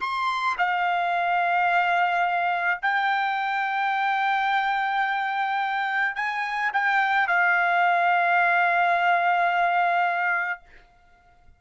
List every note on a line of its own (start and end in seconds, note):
0.00 0.56 C6
0.58 2.80 F5
2.82 6.15 G5
6.15 6.71 G#5
6.73 7.27 G5
7.27 10.61 F5